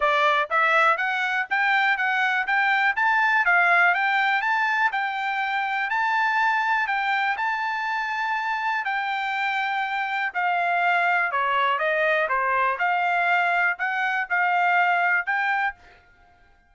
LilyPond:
\new Staff \with { instrumentName = "trumpet" } { \time 4/4 \tempo 4 = 122 d''4 e''4 fis''4 g''4 | fis''4 g''4 a''4 f''4 | g''4 a''4 g''2 | a''2 g''4 a''4~ |
a''2 g''2~ | g''4 f''2 cis''4 | dis''4 c''4 f''2 | fis''4 f''2 g''4 | }